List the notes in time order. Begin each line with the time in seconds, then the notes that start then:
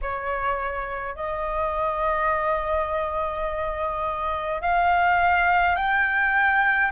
0.01 C#5
1.15 D#5
4.61 F5
5.75 G5